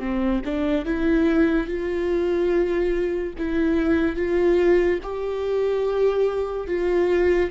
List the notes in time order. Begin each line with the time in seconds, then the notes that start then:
0.00 C4
0.45 D4
0.86 E4
1.67 F4
3.39 E4
4.17 F4
5.03 G4
6.68 F4